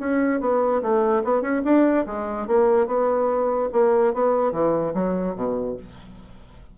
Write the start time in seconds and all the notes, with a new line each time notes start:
0.00 C#4
0.41 B3
0.82 A3
1.24 B3
1.42 C#4
1.65 D4
2.06 G#3
2.48 A#3
2.87 B3
3.73 A#3
4.14 B3
4.52 E3
4.94 F#3
5.36 B2